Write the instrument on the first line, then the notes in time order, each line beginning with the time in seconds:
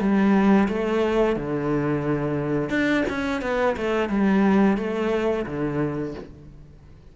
cello
0.00 G3
0.68 A3
1.36 D3
2.70 D4
3.09 C#4
3.42 B3
3.77 A3
4.09 G3
4.77 A3
5.46 D3